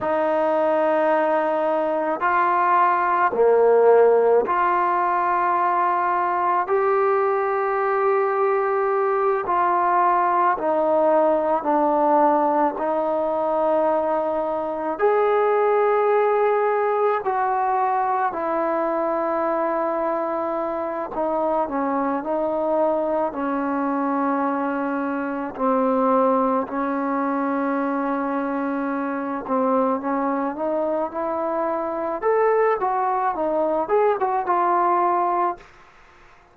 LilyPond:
\new Staff \with { instrumentName = "trombone" } { \time 4/4 \tempo 4 = 54 dis'2 f'4 ais4 | f'2 g'2~ | g'8 f'4 dis'4 d'4 dis'8~ | dis'4. gis'2 fis'8~ |
fis'8 e'2~ e'8 dis'8 cis'8 | dis'4 cis'2 c'4 | cis'2~ cis'8 c'8 cis'8 dis'8 | e'4 a'8 fis'8 dis'8 gis'16 fis'16 f'4 | }